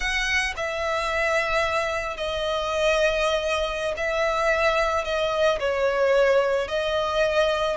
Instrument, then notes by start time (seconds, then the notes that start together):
violin
0.00 F#5
0.56 E5
2.17 D#5
3.96 E5
5.04 D#5
5.59 C#5
6.67 D#5